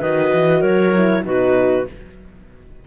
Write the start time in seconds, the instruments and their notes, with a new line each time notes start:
0.00 cello D#3, horn F#4, clarinet B4 D#5
0.34 cello E3
0.60 cello F#3, clarinet A#4 C#5
0.94 horn E4
1.24 cello B2, horn D#4, clarinet F#4 B4